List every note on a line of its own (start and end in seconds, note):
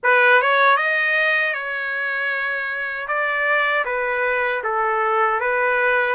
0.03 0.41 B4
0.41 0.76 C#5
0.76 1.53 D#5
1.53 3.07 C#5
3.07 3.84 D5
3.85 4.62 B4
4.63 5.40 A4
5.40 6.15 B4